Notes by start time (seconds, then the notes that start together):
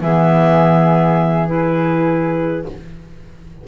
0.00 E3 B3 G#4 E5
1.46 E4 B4